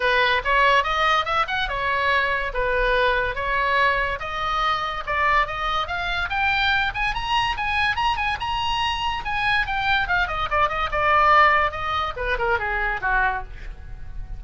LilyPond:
\new Staff \with { instrumentName = "oboe" } { \time 4/4 \tempo 4 = 143 b'4 cis''4 dis''4 e''8 fis''8 | cis''2 b'2 | cis''2 dis''2 | d''4 dis''4 f''4 g''4~ |
g''8 gis''8 ais''4 gis''4 ais''8 gis''8 | ais''2 gis''4 g''4 | f''8 dis''8 d''8 dis''8 d''2 | dis''4 b'8 ais'8 gis'4 fis'4 | }